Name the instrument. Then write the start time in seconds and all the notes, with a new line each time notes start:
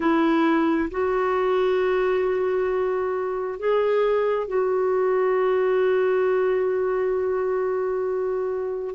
clarinet
0.00 E4
0.90 F#4
3.59 G#4
4.47 F#4